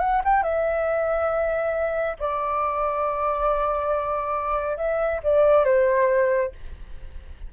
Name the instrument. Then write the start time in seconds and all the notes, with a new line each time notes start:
flute
0.00 F#5
0.25 G5
0.43 E5
2.20 D5
4.77 E5
5.23 D5
5.65 C5